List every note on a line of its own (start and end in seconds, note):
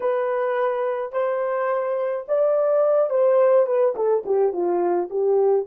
0.00 1.12 B4
1.12 2.25 C5
2.28 3.10 D5
3.10 3.66 C5
3.66 3.94 B4
3.95 4.23 A4
4.25 4.52 G4
4.52 5.09 F4
5.10 5.66 G4